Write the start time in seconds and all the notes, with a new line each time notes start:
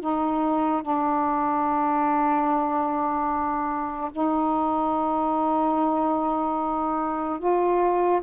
0.00 D#4
0.82 D4
4.12 D#4
7.39 F4